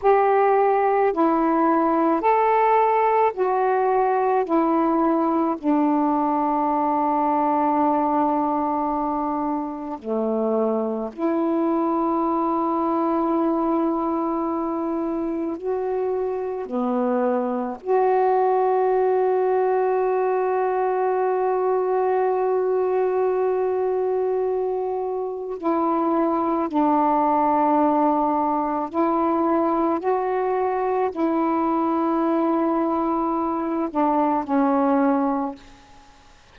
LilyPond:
\new Staff \with { instrumentName = "saxophone" } { \time 4/4 \tempo 4 = 54 g'4 e'4 a'4 fis'4 | e'4 d'2.~ | d'4 a4 e'2~ | e'2 fis'4 b4 |
fis'1~ | fis'2. e'4 | d'2 e'4 fis'4 | e'2~ e'8 d'8 cis'4 | }